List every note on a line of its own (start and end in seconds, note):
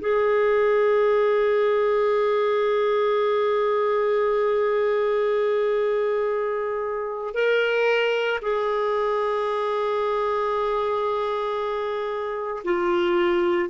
0.00 7.33 G#4
7.33 8.39 A#4
8.42 12.63 G#4
12.64 13.69 F4